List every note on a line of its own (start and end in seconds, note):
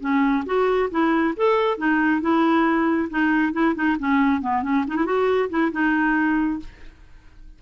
0.00 0.44 C#4
0.45 0.89 F#4
0.90 1.34 E4
1.36 1.77 A4
1.77 2.21 D#4
2.21 3.09 E4
3.10 3.53 D#4
3.53 3.74 E4
3.75 3.97 D#4
3.99 4.41 C#4
4.41 4.63 B3
4.63 4.85 C#4
4.87 4.96 D#4
4.96 5.05 E4
5.05 5.49 F#4
5.49 5.71 E4
5.72 6.59 D#4